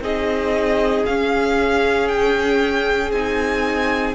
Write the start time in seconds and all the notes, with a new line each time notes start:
0.00 C4 D#4 G#4 D#5
1.05 C#4 F5
2.08 G5
3.11 C4 D#4 G#5